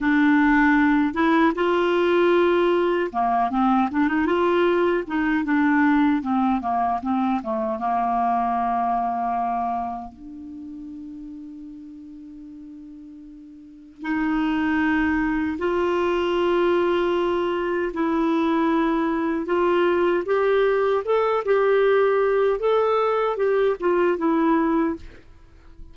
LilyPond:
\new Staff \with { instrumentName = "clarinet" } { \time 4/4 \tempo 4 = 77 d'4. e'8 f'2 | ais8 c'8 d'16 dis'16 f'4 dis'8 d'4 | c'8 ais8 c'8 a8 ais2~ | ais4 d'2.~ |
d'2 dis'2 | f'2. e'4~ | e'4 f'4 g'4 a'8 g'8~ | g'4 a'4 g'8 f'8 e'4 | }